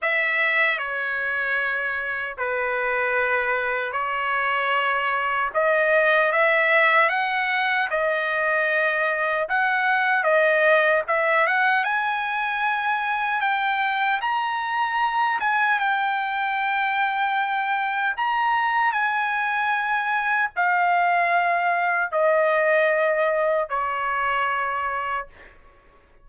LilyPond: \new Staff \with { instrumentName = "trumpet" } { \time 4/4 \tempo 4 = 76 e''4 cis''2 b'4~ | b'4 cis''2 dis''4 | e''4 fis''4 dis''2 | fis''4 dis''4 e''8 fis''8 gis''4~ |
gis''4 g''4 ais''4. gis''8 | g''2. ais''4 | gis''2 f''2 | dis''2 cis''2 | }